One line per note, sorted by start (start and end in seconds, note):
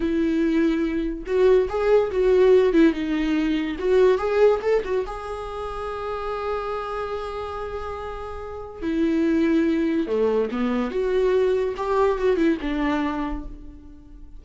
0.00 1.24 E4
1.26 1.68 F#4
1.69 2.11 G#4
2.11 2.72 F#4
2.72 2.93 E4
2.93 3.76 D#4
3.79 4.18 F#4
4.18 4.60 G#4
4.62 4.83 A4
4.84 5.05 F#4
5.06 8.81 G#4
8.81 10.07 E4
10.07 10.49 A3
10.51 10.90 B3
10.90 11.74 F#4
11.77 12.18 G4
12.18 12.36 F#4
12.36 12.57 E4
12.61 13.45 D4